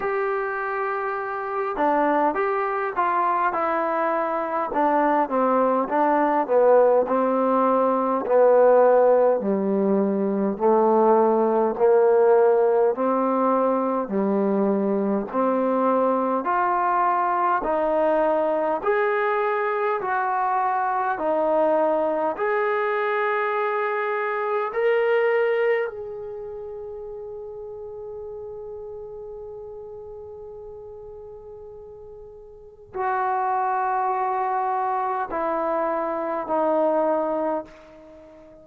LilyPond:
\new Staff \with { instrumentName = "trombone" } { \time 4/4 \tempo 4 = 51 g'4. d'8 g'8 f'8 e'4 | d'8 c'8 d'8 b8 c'4 b4 | g4 a4 ais4 c'4 | g4 c'4 f'4 dis'4 |
gis'4 fis'4 dis'4 gis'4~ | gis'4 ais'4 gis'2~ | gis'1 | fis'2 e'4 dis'4 | }